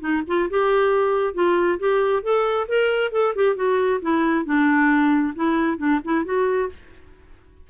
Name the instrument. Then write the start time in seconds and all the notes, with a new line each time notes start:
clarinet
0.00 D#4
0.27 F4
0.50 G4
1.34 F4
1.79 G4
2.23 A4
2.68 A#4
3.12 A4
3.35 G4
3.55 F#4
4.01 E4
4.45 D4
5.35 E4
5.78 D4
6.04 E4
6.25 F#4